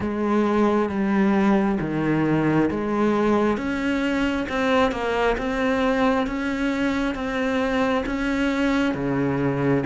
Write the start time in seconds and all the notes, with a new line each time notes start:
0.00 G#3
0.89 G3
1.80 D#3
2.70 G#3
3.57 C#4
4.49 C4
4.91 A#3
5.37 C4
6.26 C#4
7.14 C4
8.06 C#4
8.94 C#3